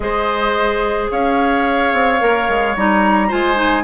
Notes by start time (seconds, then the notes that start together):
0.00 G#3 G#4 C5 D#5
1.11 C#4 C#5 F5
1.93 C4
2.20 A#3 A#4
2.48 G#3
2.76 G3 D#4 A#5
3.28 G#3 F4 C5 G#5
3.54 D#4